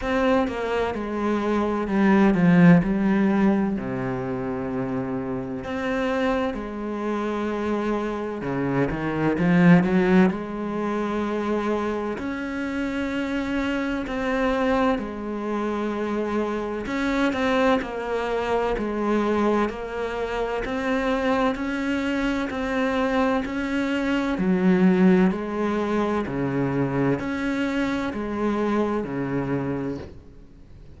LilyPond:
\new Staff \with { instrumentName = "cello" } { \time 4/4 \tempo 4 = 64 c'8 ais8 gis4 g8 f8 g4 | c2 c'4 gis4~ | gis4 cis8 dis8 f8 fis8 gis4~ | gis4 cis'2 c'4 |
gis2 cis'8 c'8 ais4 | gis4 ais4 c'4 cis'4 | c'4 cis'4 fis4 gis4 | cis4 cis'4 gis4 cis4 | }